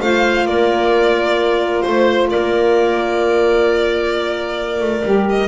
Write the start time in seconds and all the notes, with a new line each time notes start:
0.00 A3 F4 C5 F5
0.45 A#3 A#4 D5
1.81 C5
1.87 A3
2.30 A#3 A#4 D5
4.81 A3
5.05 G3 G4
5.30 D#5